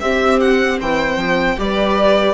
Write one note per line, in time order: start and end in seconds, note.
0.00 0.79 C4
0.00 1.57 C4
0.00 0.79 G4
0.00 0.39 E5
0.40 0.79 F#5
0.79 1.16 E3
0.79 1.56 C5
0.79 1.59 G5
1.16 1.55 F3
1.57 2.33 G3
1.57 2.33 G4
1.57 2.33 B4
1.57 2.33 D5